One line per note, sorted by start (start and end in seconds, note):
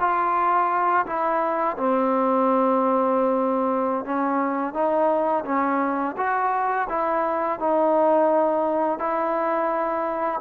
0.00 1.06 F4
1.06 1.77 E4
1.77 4.05 C4
4.05 4.74 C#4
4.74 5.44 D#4
5.45 6.16 C#4
6.17 6.88 F#4
6.89 7.59 E4
7.59 8.99 D#4
8.99 10.40 E4